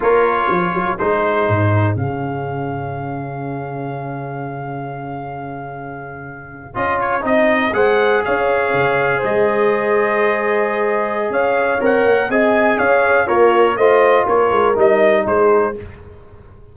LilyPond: <<
  \new Staff \with { instrumentName = "trumpet" } { \time 4/4 \tempo 4 = 122 cis''2 c''2 | f''1~ | f''1~ | f''4.~ f''16 dis''8 cis''8 dis''4 fis''16~ |
fis''8. f''2 dis''4~ dis''16~ | dis''2. f''4 | fis''4 gis''4 f''4 cis''4 | dis''4 cis''4 dis''4 c''4 | }
  \new Staff \with { instrumentName = "horn" } { \time 4/4 ais'4 gis'2.~ | gis'1~ | gis'1~ | gis'2.~ gis'8. c''16~ |
c''8. cis''2 c''4~ c''16~ | c''2. cis''4~ | cis''4 dis''4 cis''4 f'4 | c''4 ais'2 gis'4 | }
  \new Staff \with { instrumentName = "trombone" } { \time 4/4 f'2 dis'2 | cis'1~ | cis'1~ | cis'4.~ cis'16 f'4 dis'4 gis'16~ |
gis'1~ | gis'1 | ais'4 gis'2 ais'4 | f'2 dis'2 | }
  \new Staff \with { instrumentName = "tuba" } { \time 4/4 ais4 f8 fis8 gis4 gis,4 | cis1~ | cis1~ | cis4.~ cis16 cis'4 c'4 gis16~ |
gis8. cis'4 cis4 gis4~ gis16~ | gis2. cis'4 | c'8 ais8 c'4 cis'4 ais4 | a4 ais8 gis8 g4 gis4 | }
>>